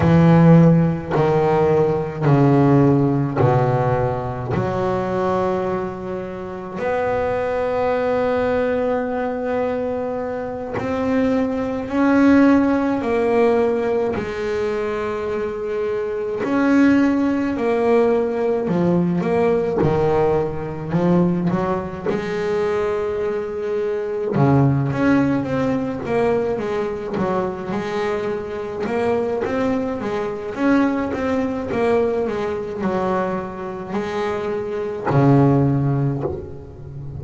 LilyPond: \new Staff \with { instrumentName = "double bass" } { \time 4/4 \tempo 4 = 53 e4 dis4 cis4 b,4 | fis2 b2~ | b4. c'4 cis'4 ais8~ | ais8 gis2 cis'4 ais8~ |
ais8 f8 ais8 dis4 f8 fis8 gis8~ | gis4. cis8 cis'8 c'8 ais8 gis8 | fis8 gis4 ais8 c'8 gis8 cis'8 c'8 | ais8 gis8 fis4 gis4 cis4 | }